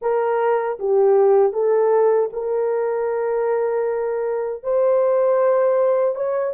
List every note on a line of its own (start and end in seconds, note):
0.01 0.78 A#4
0.79 1.52 G4
1.52 2.29 A4
2.33 4.63 A#4
4.63 6.15 C5
6.15 6.53 C#5